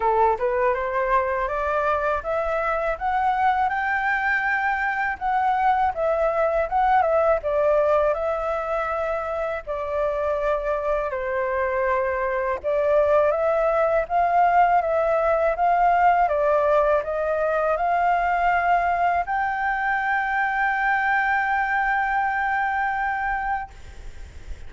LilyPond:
\new Staff \with { instrumentName = "flute" } { \time 4/4 \tempo 4 = 81 a'8 b'8 c''4 d''4 e''4 | fis''4 g''2 fis''4 | e''4 fis''8 e''8 d''4 e''4~ | e''4 d''2 c''4~ |
c''4 d''4 e''4 f''4 | e''4 f''4 d''4 dis''4 | f''2 g''2~ | g''1 | }